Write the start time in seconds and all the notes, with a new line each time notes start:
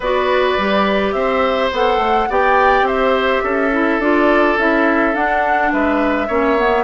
0.00 B3 F#4 B4 D5
0.57 G3 G4
1.12 C4 C5 E5
1.72 B3 A4 F#5
1.97 A3
2.29 B3 G4 D5 G5
2.82 C4 C5 E5
3.43 C#4 A4
3.72 E4
3.99 D4 F4 D5
4.57 C#4 E4 E5
5.13 D4 F#5
5.72 G#3 B4 E5
6.27 A#3 C#4 C#5
6.57 B3